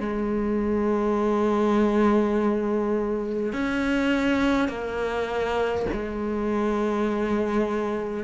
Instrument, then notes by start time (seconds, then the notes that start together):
cello
0.00 G#3
3.53 C#4
4.68 A#3
5.93 G#3